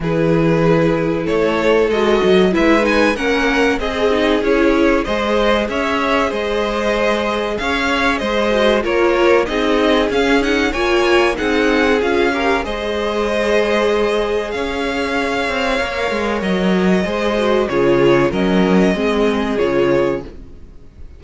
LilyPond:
<<
  \new Staff \with { instrumentName = "violin" } { \time 4/4 \tempo 4 = 95 b'2 cis''4 dis''4 | e''8 gis''8 fis''4 dis''4 cis''4 | dis''4 e''4 dis''2 | f''4 dis''4 cis''4 dis''4 |
f''8 fis''8 gis''4 fis''4 f''4 | dis''2. f''4~ | f''2 dis''2 | cis''4 dis''2 cis''4 | }
  \new Staff \with { instrumentName = "violin" } { \time 4/4 gis'2 a'2 | b'4 ais'4 gis'2 | c''4 cis''4 c''2 | cis''4 c''4 ais'4 gis'4~ |
gis'4 cis''4 gis'4. ais'8 | c''2. cis''4~ | cis''2. c''4 | gis'4 ais'4 gis'2 | }
  \new Staff \with { instrumentName = "viola" } { \time 4/4 e'2. fis'4 | e'8 dis'8 cis'4 gis'8 dis'8 e'4 | gis'1~ | gis'4. fis'8 f'4 dis'4 |
cis'8 dis'8 f'4 dis'4 f'8 g'8 | gis'1~ | gis'4 ais'2 gis'8 fis'8 | f'4 cis'4 c'4 f'4 | }
  \new Staff \with { instrumentName = "cello" } { \time 4/4 e2 a4 gis8 fis8 | gis4 ais4 c'4 cis'4 | gis4 cis'4 gis2 | cis'4 gis4 ais4 c'4 |
cis'4 ais4 c'4 cis'4 | gis2. cis'4~ | cis'8 c'8 ais8 gis8 fis4 gis4 | cis4 fis4 gis4 cis4 | }
>>